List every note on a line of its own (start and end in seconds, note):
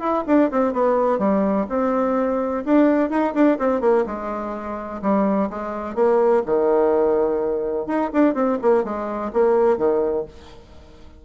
0.00 0.24 E4
0.27 0.51 D4
0.51 0.73 C4
0.73 1.19 B3
1.19 1.66 G3
1.69 2.65 C4
2.65 3.10 D4
3.10 3.34 D#4
3.34 3.58 D4
3.59 3.81 C4
3.81 4.05 A#3
4.06 5.02 G#3
5.02 5.50 G3
5.50 5.95 G#3
5.95 6.43 A#3
6.46 7.87 D#3
7.87 8.10 D#4
8.13 8.34 D4
8.34 8.58 C4
8.62 8.84 A#3
8.84 9.32 G#3
9.33 9.77 A#3
9.77 10.25 D#3